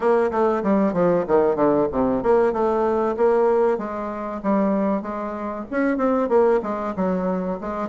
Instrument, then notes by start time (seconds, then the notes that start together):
bassoon
0.00 A#3
0.31 A3
0.63 G3
0.93 F3
1.27 D#3
1.55 D3
1.91 C3
2.22 A#3
2.52 A3
3.16 A#3
3.78 G#3
4.42 G3
5.02 G#3
5.70 C#4
5.97 C4
6.28 A#3
6.62 G#3
6.96 F#3
7.60 G#3